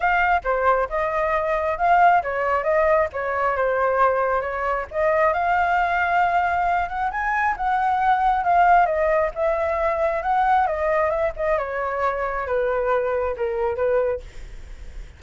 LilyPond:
\new Staff \with { instrumentName = "flute" } { \time 4/4 \tempo 4 = 135 f''4 c''4 dis''2 | f''4 cis''4 dis''4 cis''4 | c''2 cis''4 dis''4 | f''2.~ f''8 fis''8 |
gis''4 fis''2 f''4 | dis''4 e''2 fis''4 | dis''4 e''8 dis''8 cis''2 | b'2 ais'4 b'4 | }